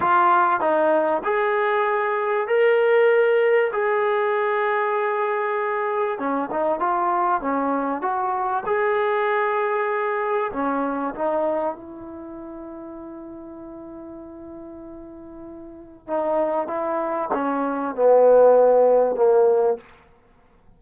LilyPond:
\new Staff \with { instrumentName = "trombone" } { \time 4/4 \tempo 4 = 97 f'4 dis'4 gis'2 | ais'2 gis'2~ | gis'2 cis'8 dis'8 f'4 | cis'4 fis'4 gis'2~ |
gis'4 cis'4 dis'4 e'4~ | e'1~ | e'2 dis'4 e'4 | cis'4 b2 ais4 | }